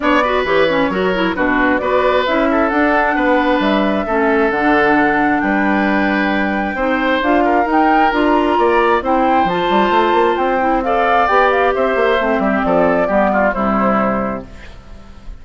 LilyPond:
<<
  \new Staff \with { instrumentName = "flute" } { \time 4/4 \tempo 4 = 133 d''4 cis''2 b'4 | d''4 e''4 fis''2 | e''2 fis''2 | g''1 |
f''4 g''4 ais''2 | g''4 a''2 g''4 | f''4 g''8 f''8 e''2 | d''2 c''2 | }
  \new Staff \with { instrumentName = "oboe" } { \time 4/4 cis''8 b'4. ais'4 fis'4 | b'4. a'4. b'4~ | b'4 a'2. | b'2. c''4~ |
c''8 ais'2~ ais'8 d''4 | c''1 | d''2 c''4. g'8 | a'4 g'8 f'8 e'2 | }
  \new Staff \with { instrumentName = "clarinet" } { \time 4/4 d'8 fis'8 g'8 cis'8 fis'8 e'8 d'4 | fis'4 e'4 d'2~ | d'4 cis'4 d'2~ | d'2. dis'4 |
f'4 dis'4 f'2 | e'4 f'2~ f'8 e'8 | a'4 g'2 c'4~ | c'4 b4 g2 | }
  \new Staff \with { instrumentName = "bassoon" } { \time 4/4 b4 e4 fis4 b,4 | b4 cis'4 d'4 b4 | g4 a4 d2 | g2. c'4 |
d'4 dis'4 d'4 ais4 | c'4 f8 g8 a8 ais8 c'4~ | c'4 b4 c'8 ais8 a8 g8 | f4 g4 c2 | }
>>